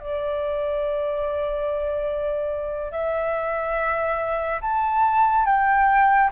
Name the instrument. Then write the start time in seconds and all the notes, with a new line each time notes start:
flute
0.00 D5
2.92 E5
4.61 A5
5.46 G5